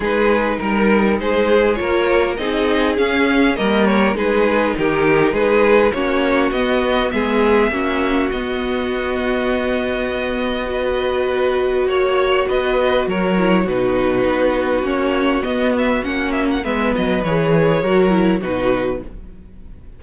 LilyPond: <<
  \new Staff \with { instrumentName = "violin" } { \time 4/4 \tempo 4 = 101 b'4 ais'4 c''4 cis''4 | dis''4 f''4 dis''8 cis''8 b'4 | ais'4 b'4 cis''4 dis''4 | e''2 dis''2~ |
dis''1 | cis''4 dis''4 cis''4 b'4~ | b'4 cis''4 dis''8 e''8 fis''8 e''16 fis''16 | e''8 dis''8 cis''2 b'4 | }
  \new Staff \with { instrumentName = "violin" } { \time 4/4 gis'4 ais'4 gis'4 ais'4 | gis'2 ais'4 gis'4 | g'4 gis'4 fis'2 | gis'4 fis'2.~ |
fis'2 b'2 | cis''4 b'4 ais'4 fis'4~ | fis'1 | b'2 ais'4 fis'4 | }
  \new Staff \with { instrumentName = "viola" } { \time 4/4 dis'2. f'4 | dis'4 cis'4 ais4 dis'4~ | dis'2 cis'4 b4~ | b4 cis'4 b2~ |
b2 fis'2~ | fis'2~ fis'8 e'8 dis'4~ | dis'4 cis'4 b4 cis'4 | b4 gis'4 fis'8 e'8 dis'4 | }
  \new Staff \with { instrumentName = "cello" } { \time 4/4 gis4 g4 gis4 ais4 | c'4 cis'4 g4 gis4 | dis4 gis4 ais4 b4 | gis4 ais4 b2~ |
b1 | ais4 b4 fis4 b,4 | b4 ais4 b4 ais4 | gis8 fis8 e4 fis4 b,4 | }
>>